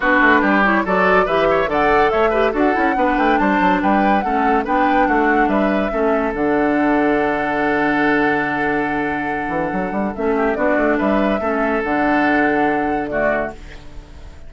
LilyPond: <<
  \new Staff \with { instrumentName = "flute" } { \time 4/4 \tempo 4 = 142 b'4. cis''8 d''4 e''4 | fis''4 e''4 fis''4. g''8 | a''4 g''4 fis''4 g''4 | fis''4 e''2 fis''4~ |
fis''1~ | fis''1 | e''4 d''4 e''2 | fis''2. d''4 | }
  \new Staff \with { instrumentName = "oboe" } { \time 4/4 fis'4 g'4 a'4 b'8 cis''8 | d''4 cis''8 b'8 a'4 b'4 | c''4 b'4 a'4 b'4 | fis'4 b'4 a'2~ |
a'1~ | a'1~ | a'8 g'8 fis'4 b'4 a'4~ | a'2. fis'4 | }
  \new Staff \with { instrumentName = "clarinet" } { \time 4/4 d'4. e'8 fis'4 g'4 | a'4. g'8 fis'8 e'8 d'4~ | d'2 cis'4 d'4~ | d'2 cis'4 d'4~ |
d'1~ | d'1 | cis'4 d'2 cis'4 | d'2. a4 | }
  \new Staff \with { instrumentName = "bassoon" } { \time 4/4 b8 a8 g4 fis4 e4 | d4 a4 d'8 cis'8 b8 a8 | g8 fis8 g4 a4 b4 | a4 g4 a4 d4~ |
d1~ | d2~ d8 e8 fis8 g8 | a4 b8 a8 g4 a4 | d1 | }
>>